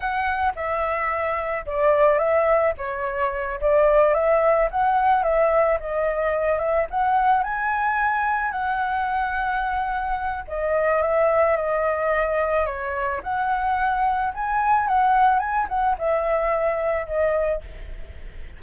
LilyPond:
\new Staff \with { instrumentName = "flute" } { \time 4/4 \tempo 4 = 109 fis''4 e''2 d''4 | e''4 cis''4. d''4 e''8~ | e''8 fis''4 e''4 dis''4. | e''8 fis''4 gis''2 fis''8~ |
fis''2. dis''4 | e''4 dis''2 cis''4 | fis''2 gis''4 fis''4 | gis''8 fis''8 e''2 dis''4 | }